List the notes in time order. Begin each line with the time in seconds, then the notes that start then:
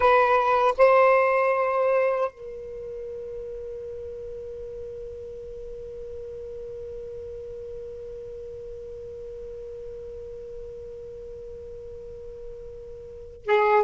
0.00 B4
0.77 C5
2.31 A#4
13.46 G#4